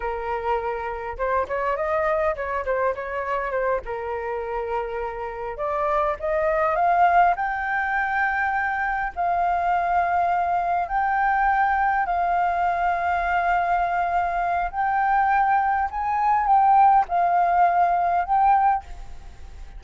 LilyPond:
\new Staff \with { instrumentName = "flute" } { \time 4/4 \tempo 4 = 102 ais'2 c''8 cis''8 dis''4 | cis''8 c''8 cis''4 c''8 ais'4.~ | ais'4. d''4 dis''4 f''8~ | f''8 g''2. f''8~ |
f''2~ f''8 g''4.~ | g''8 f''2.~ f''8~ | f''4 g''2 gis''4 | g''4 f''2 g''4 | }